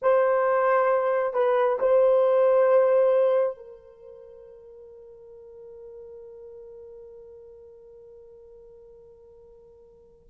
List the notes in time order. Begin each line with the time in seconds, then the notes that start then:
0.02 C5
1.33 B4
1.79 C5
3.56 A#4